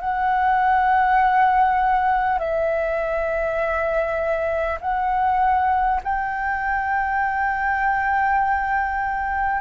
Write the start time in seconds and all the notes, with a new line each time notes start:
0.00 F#5
2.39 E5
4.81 F#5
6.04 G5